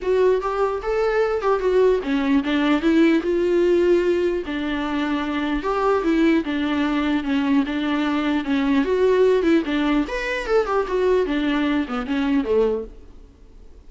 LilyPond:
\new Staff \with { instrumentName = "viola" } { \time 4/4 \tempo 4 = 149 fis'4 g'4 a'4. g'8 | fis'4 cis'4 d'4 e'4 | f'2. d'4~ | d'2 g'4 e'4 |
d'2 cis'4 d'4~ | d'4 cis'4 fis'4. e'8 | d'4 b'4 a'8 g'8 fis'4 | d'4. b8 cis'4 a4 | }